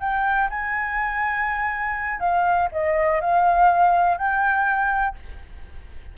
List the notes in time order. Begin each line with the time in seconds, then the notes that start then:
0.00 G5
0.50 G#5
2.20 F5
2.72 D#5
3.20 F5
4.17 G5